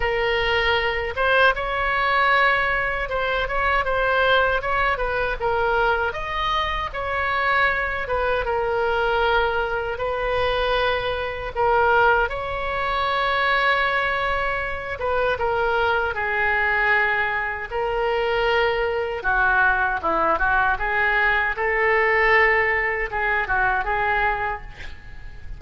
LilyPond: \new Staff \with { instrumentName = "oboe" } { \time 4/4 \tempo 4 = 78 ais'4. c''8 cis''2 | c''8 cis''8 c''4 cis''8 b'8 ais'4 | dis''4 cis''4. b'8 ais'4~ | ais'4 b'2 ais'4 |
cis''2.~ cis''8 b'8 | ais'4 gis'2 ais'4~ | ais'4 fis'4 e'8 fis'8 gis'4 | a'2 gis'8 fis'8 gis'4 | }